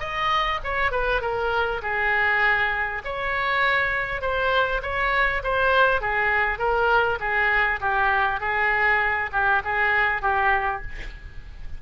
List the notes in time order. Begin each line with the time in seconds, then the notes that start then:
0.00 D#5
0.64 C#5
0.92 B4
1.22 A#4
1.82 G#4
3.05 C#5
4.22 C5
4.82 C#5
5.44 C5
6.01 G#4
6.59 A#4
7.20 G#4
7.81 G4
8.40 G#4
9.32 G4
9.65 G#4
10.22 G4